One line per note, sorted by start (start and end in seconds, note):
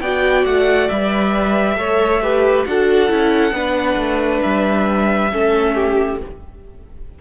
0.00 0.44 B3
0.00 0.92 F#4
0.00 1.76 D5
0.00 0.45 G5
0.45 0.90 A3
0.45 0.88 F#5
0.88 1.76 G3
0.88 1.76 B4
0.88 2.65 E5
1.76 2.65 A3
1.76 2.20 A4
1.76 2.22 C#5
2.22 2.66 G4
2.22 2.67 B4
2.66 3.10 D4
2.66 3.08 F#4
2.66 3.55 A4
2.66 4.42 F#5
3.08 3.52 C#4
3.08 3.52 E4
3.52 3.96 B3
3.52 5.30 D4
3.52 5.31 B4
3.96 4.40 A3
4.42 5.33 G3
4.42 6.18 E5
5.32 6.21 A3
5.32 6.20 C#4
5.32 5.74 A4
5.74 6.18 G4